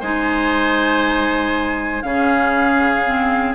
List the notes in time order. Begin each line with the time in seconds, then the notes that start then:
0.00 G#3 D#4 C5 G#5
2.02 C#3 C#4 G#4 F5
3.06 C4